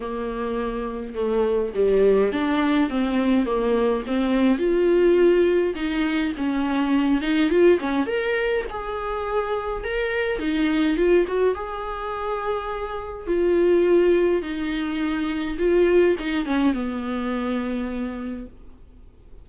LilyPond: \new Staff \with { instrumentName = "viola" } { \time 4/4 \tempo 4 = 104 ais2 a4 g4 | d'4 c'4 ais4 c'4 | f'2 dis'4 cis'4~ | cis'8 dis'8 f'8 cis'8 ais'4 gis'4~ |
gis'4 ais'4 dis'4 f'8 fis'8 | gis'2. f'4~ | f'4 dis'2 f'4 | dis'8 cis'8 b2. | }